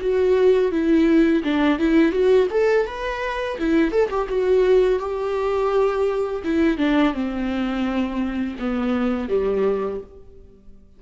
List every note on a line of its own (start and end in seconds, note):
0.00 0.71 F#4
0.71 1.43 E4
1.43 1.78 D4
1.78 2.12 E4
2.12 2.47 F#4
2.50 2.86 A4
2.86 3.57 B4
3.58 3.91 E4
3.91 4.09 A4
4.09 4.27 G4
4.28 4.99 F#4
4.99 6.42 G4
6.44 6.77 E4
6.77 7.13 D4
7.13 8.56 C4
8.59 9.28 B3
9.28 10.00 G3